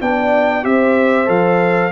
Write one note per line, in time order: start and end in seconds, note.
0.00 0.64 B3
0.00 0.62 D4
0.00 0.63 D5
0.00 0.64 G5
0.62 1.28 C4
0.62 1.26 G4
0.62 1.91 C5
0.62 1.29 E5
1.26 1.91 F3
1.26 1.90 A4
1.26 1.91 F5